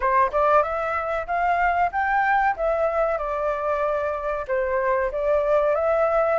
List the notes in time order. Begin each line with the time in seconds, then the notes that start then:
0.00 C5
0.32 D5
0.62 E5
1.26 F5
1.91 G5
2.56 E5
3.17 D5
4.47 C5
5.11 D5
5.74 E5